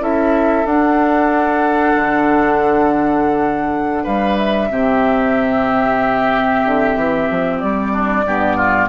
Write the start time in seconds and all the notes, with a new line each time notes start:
0.00 C#4 E4 A4 E5
0.65 D4 F#5
1.96 D3
4.03 G3 B4 F5
4.38 E5
4.70 C3 C4 G4
6.65 D3
6.96 E3
7.30 F3
7.60 G3 D5
7.92 D4
8.25 G2 B3 G4
8.57 F4